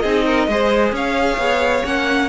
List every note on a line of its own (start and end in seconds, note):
0.00 0.48 C4
0.00 0.50 D#4
0.00 0.25 G#4
0.00 0.90 D#5
0.26 0.48 A#4
0.48 0.92 G#3
0.48 1.84 G#4
0.48 0.95 C5
0.92 1.37 C#4
0.92 2.29 C#5
0.92 1.86 F5
1.38 1.83 B3
1.84 2.29 A#3
1.84 2.29 C#4
1.84 2.29 F#5